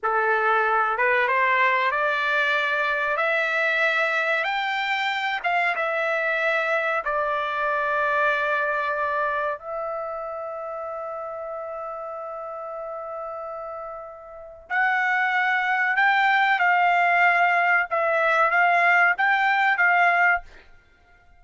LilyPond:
\new Staff \with { instrumentName = "trumpet" } { \time 4/4 \tempo 4 = 94 a'4. b'8 c''4 d''4~ | d''4 e''2 g''4~ | g''8 f''8 e''2 d''4~ | d''2. e''4~ |
e''1~ | e''2. fis''4~ | fis''4 g''4 f''2 | e''4 f''4 g''4 f''4 | }